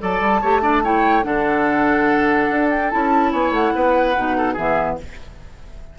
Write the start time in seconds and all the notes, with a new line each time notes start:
0.00 F#3 A4 D5 A5
0.21 G3
0.41 A3 G4 C#5
0.62 D4 D5
0.83 E4 C#5 G5
1.22 D3 D4 A4 F#5
2.50 D4
2.69 G5
2.90 C#4 E4 A5
3.31 B3 C#5 G#5
3.51 A3 F#5
3.75 B3 B4
4.16 B2 D#4
4.37 A4
4.53 E3 B3 G#4 E5